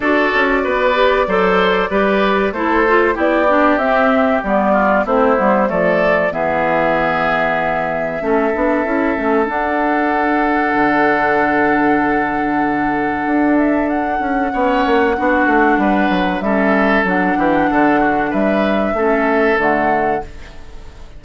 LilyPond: <<
  \new Staff \with { instrumentName = "flute" } { \time 4/4 \tempo 4 = 95 d''1 | c''4 d''4 e''4 d''4 | c''4 d''4 e''2~ | e''2. fis''4~ |
fis''1~ | fis''4. e''8 fis''2~ | fis''2 e''4 fis''4~ | fis''4 e''2 fis''4 | }
  \new Staff \with { instrumentName = "oboe" } { \time 4/4 a'4 b'4 c''4 b'4 | a'4 g'2~ g'8 f'8 | e'4 a'4 gis'2~ | gis'4 a'2.~ |
a'1~ | a'2. cis''4 | fis'4 b'4 a'4. g'8 | a'8 fis'8 b'4 a'2 | }
  \new Staff \with { instrumentName = "clarinet" } { \time 4/4 fis'4. g'8 a'4 g'4 | e'8 f'8 e'8 d'8 c'4 b4 | c'8 b8 a4 b2~ | b4 cis'8 d'8 e'8 cis'8 d'4~ |
d'1~ | d'2. cis'4 | d'2 cis'4 d'4~ | d'2 cis'4 a4 | }
  \new Staff \with { instrumentName = "bassoon" } { \time 4/4 d'8 cis'8 b4 fis4 g4 | a4 b4 c'4 g4 | a8 g8 f4 e2~ | e4 a8 b8 cis'8 a8 d'4~ |
d'4 d2.~ | d4 d'4. cis'8 b8 ais8 | b8 a8 g8 fis8 g4 fis8 e8 | d4 g4 a4 d4 | }
>>